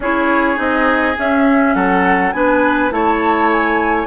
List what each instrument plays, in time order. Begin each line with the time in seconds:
0.00 bassoon C#4, clarinet E4, oboe G#4, flute C#5
0.55 bassoon C4, clarinet D#4, flute D#5
1.17 clarinet C#4, bassoon C#4, flute E5
1.74 bassoon F#3, oboe A4, flute F#5
2.31 bassoon B3, clarinet D4, oboe B4, flute G#5
2.90 bassoon A3, clarinet E4, oboe C#5, flute A5
3.52 flute G#5